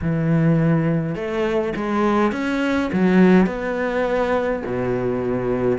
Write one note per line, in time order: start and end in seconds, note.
0.01 1.15 E3
1.15 1.73 A3
1.76 2.32 G#3
2.32 2.90 C#4
2.93 3.46 F#3
3.46 4.63 B3
4.65 5.78 B2